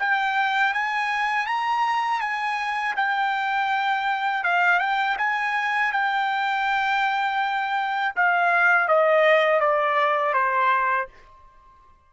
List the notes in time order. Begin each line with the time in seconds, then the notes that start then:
0.00 G5
0.74 G#5
1.47 A#5
2.21 G#5
2.97 G5
4.44 F5
4.80 G5
5.18 G#5
5.93 G5
8.16 F5
8.89 D#5
9.61 D5
10.34 C5